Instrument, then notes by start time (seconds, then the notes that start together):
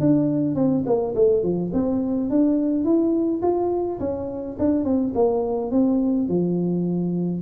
tuba
0.00 D4
0.55 C4
0.86 A#3
1.15 A3
1.43 F3
1.73 C4
2.30 D4
2.84 E4
3.42 F4
4.00 C#4
4.58 D4
4.84 C4
5.14 A#3
5.71 C4
6.28 F3